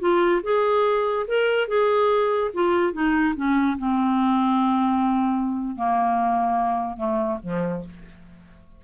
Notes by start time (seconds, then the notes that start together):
0.00 F4
0.43 G#4
1.27 A#4
1.68 G#4
2.54 F4
2.93 D#4
3.36 C#4
3.78 C4
5.76 A#3
6.97 A3
7.43 F3